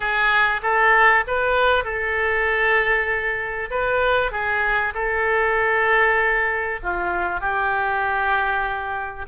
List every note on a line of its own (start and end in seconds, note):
0.00 0.61 G#4
0.62 1.24 A4
1.27 1.84 B4
1.84 3.70 A4
3.70 4.31 B4
4.31 4.93 G#4
4.94 6.80 A4
6.82 7.40 F4
7.40 9.26 G4